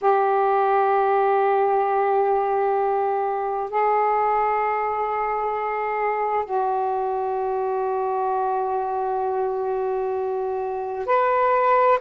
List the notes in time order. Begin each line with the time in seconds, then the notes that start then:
0.01 G4
3.70 G#4
6.44 F#4
11.06 B4